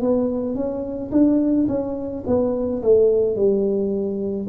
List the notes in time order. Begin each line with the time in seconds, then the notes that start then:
0.00 B3
0.55 C#4
1.11 D4
1.68 C#4
2.26 B3
2.82 A3
3.35 G3